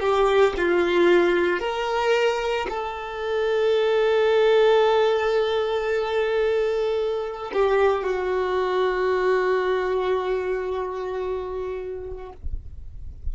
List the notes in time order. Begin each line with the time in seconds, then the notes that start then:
0.00 G4
0.57 F4
1.60 A#4
2.69 A4
7.53 G4
8.04 F#4